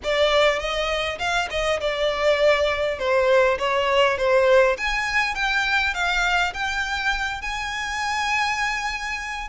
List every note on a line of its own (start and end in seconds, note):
0.03 0.59 D5
0.59 1.18 D#5
1.18 1.48 F5
1.50 1.80 D#5
1.80 2.98 D5
2.98 3.58 C5
3.58 4.17 C#5
4.17 4.77 C5
4.77 5.34 G#5
5.34 5.94 G5
5.94 6.53 F5
6.53 7.41 G5
7.41 9.48 G#5